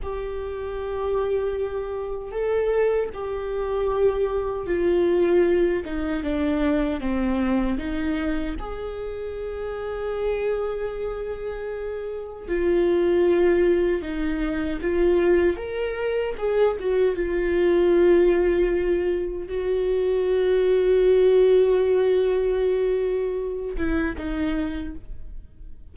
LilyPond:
\new Staff \with { instrumentName = "viola" } { \time 4/4 \tempo 4 = 77 g'2. a'4 | g'2 f'4. dis'8 | d'4 c'4 dis'4 gis'4~ | gis'1 |
f'2 dis'4 f'4 | ais'4 gis'8 fis'8 f'2~ | f'4 fis'2.~ | fis'2~ fis'8 e'8 dis'4 | }